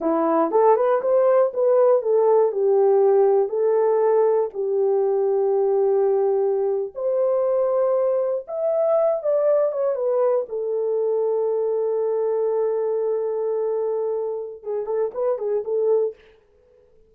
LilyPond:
\new Staff \with { instrumentName = "horn" } { \time 4/4 \tempo 4 = 119 e'4 a'8 b'8 c''4 b'4 | a'4 g'2 a'4~ | a'4 g'2.~ | g'4.~ g'16 c''2~ c''16~ |
c''8. e''4. d''4 cis''8 b'16~ | b'8. a'2.~ a'16~ | a'1~ | a'4 gis'8 a'8 b'8 gis'8 a'4 | }